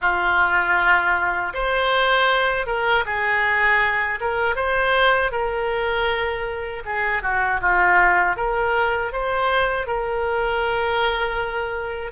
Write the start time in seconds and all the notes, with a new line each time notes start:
0.01 F4
1.53 C5
2.66 A#4
3.05 G#4
4.20 A#4
4.55 C5
5.31 A#4
6.85 G#4
7.22 F#4
7.61 F4
8.36 A#4
9.12 C5
9.87 A#4